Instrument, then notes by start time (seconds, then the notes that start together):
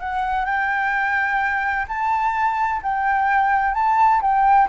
flute
0.00 F#5
0.46 G5
1.88 A5
2.83 G5
3.75 A5
4.22 G5